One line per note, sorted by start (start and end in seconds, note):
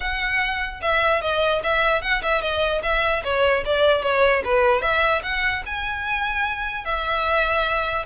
0.00 0.80 F#5
0.81 1.21 E5
1.21 1.62 D#5
1.63 2.01 E5
2.01 2.21 F#5
2.22 2.41 E5
2.41 2.81 D#5
2.82 3.23 E5
3.23 3.64 C#5
3.65 4.02 D5
4.02 4.42 C#5
4.44 4.81 B4
4.81 5.21 E5
5.23 5.63 F#5
5.66 6.84 G#5
6.84 8.05 E5